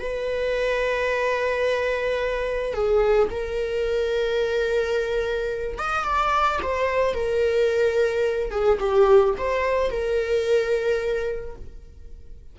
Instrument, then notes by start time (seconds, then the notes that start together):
viola
0.00 B4
2.74 G#4
3.31 A#4
5.79 D#5
6.05 D5
6.63 C5
7.14 A#4
8.51 G#4
8.80 G4
9.38 C5
9.91 A#4